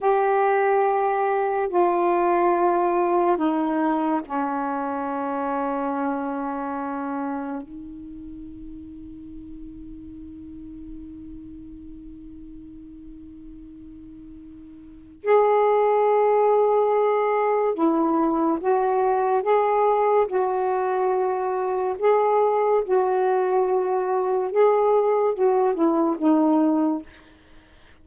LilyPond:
\new Staff \with { instrumentName = "saxophone" } { \time 4/4 \tempo 4 = 71 g'2 f'2 | dis'4 cis'2.~ | cis'4 dis'2.~ | dis'1~ |
dis'2 gis'2~ | gis'4 e'4 fis'4 gis'4 | fis'2 gis'4 fis'4~ | fis'4 gis'4 fis'8 e'8 dis'4 | }